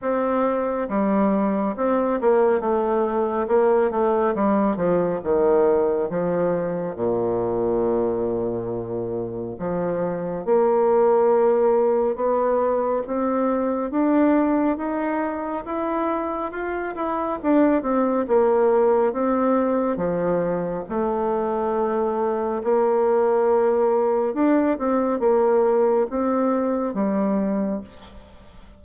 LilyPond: \new Staff \with { instrumentName = "bassoon" } { \time 4/4 \tempo 4 = 69 c'4 g4 c'8 ais8 a4 | ais8 a8 g8 f8 dis4 f4 | ais,2. f4 | ais2 b4 c'4 |
d'4 dis'4 e'4 f'8 e'8 | d'8 c'8 ais4 c'4 f4 | a2 ais2 | d'8 c'8 ais4 c'4 g4 | }